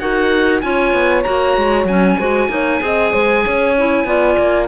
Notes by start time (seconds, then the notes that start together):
0.00 D#4 F#4 A#4 F#5
0.61 C#4 F4 C#5 G#5
0.93 B3
1.23 A#3 F#4 A#5
1.58 G#3
1.85 F#3 C#4 G#5
2.19 G#3 F#4 C5
2.49 A#3 D#4 C#5
2.81 C4 G#4 D#5
3.13 G#3 C5
3.45 C#4 C#5
3.79 E4
4.05 B3 F4 D5
4.38 A#3